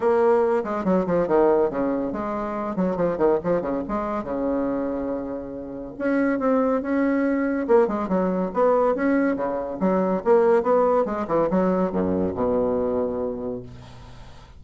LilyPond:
\new Staff \with { instrumentName = "bassoon" } { \time 4/4 \tempo 4 = 141 ais4. gis8 fis8 f8 dis4 | cis4 gis4. fis8 f8 dis8 | f8 cis8 gis4 cis2~ | cis2 cis'4 c'4 |
cis'2 ais8 gis8 fis4 | b4 cis'4 cis4 fis4 | ais4 b4 gis8 e8 fis4 | fis,4 b,2. | }